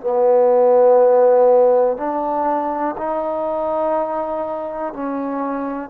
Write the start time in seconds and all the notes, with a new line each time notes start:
0.00 B3
1.96 D4
2.97 D#4
4.93 C#4